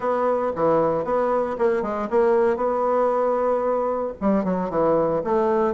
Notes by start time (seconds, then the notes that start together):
0.00 B3
0.55 E3
1.04 B3
1.58 A#3
1.82 G#3
2.10 A#3
2.56 B3
4.20 G3
4.44 F#3
4.70 E3
5.24 A3